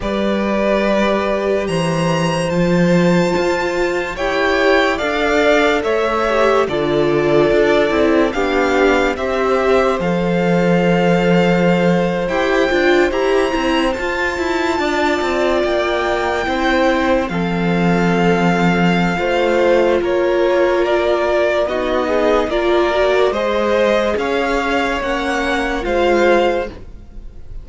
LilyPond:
<<
  \new Staff \with { instrumentName = "violin" } { \time 4/4 \tempo 4 = 72 d''2 ais''4 a''4~ | a''4 g''4 f''4 e''4 | d''2 f''4 e''4 | f''2~ f''8. g''4 ais''16~ |
ais''8. a''2 g''4~ g''16~ | g''8. f''2.~ f''16 | cis''4 d''4 dis''4 d''4 | dis''4 f''4 fis''4 f''4 | }
  \new Staff \with { instrumentName = "violin" } { \time 4/4 b'2 c''2~ | c''4 cis''4 d''4 cis''4 | a'2 g'4 c''4~ | c''1~ |
c''4.~ c''16 d''2 c''16~ | c''8. a'2~ a'16 c''4 | ais'2 fis'8 gis'8 ais'4 | c''4 cis''2 c''4 | }
  \new Staff \with { instrumentName = "viola" } { \time 4/4 g'2. f'4~ | f'4 g'4 a'4. g'8 | f'4. e'8 d'4 g'4 | a'2~ a'8. g'8 f'8 g'16~ |
g'16 e'8 f'2. e'16~ | e'8. c'2~ c'16 f'4~ | f'2 dis'4 f'8 fis'8 | gis'2 cis'4 f'4 | }
  \new Staff \with { instrumentName = "cello" } { \time 4/4 g2 e4 f4 | f'4 e'4 d'4 a4 | d4 d'8 c'8 b4 c'4 | f2~ f8. e'8 d'8 e'16~ |
e'16 c'8 f'8 e'8 d'8 c'8 ais4 c'16~ | c'8. f2~ f16 a4 | ais2 b4 ais4 | gis4 cis'4 ais4 gis4 | }
>>